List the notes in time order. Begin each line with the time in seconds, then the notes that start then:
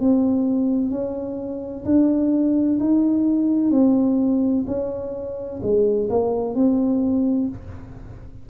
0.00 C4
0.90 C#4
1.85 D4
2.80 D#4
3.71 C4
4.67 C#4
5.62 G#3
6.09 A#3
6.55 C4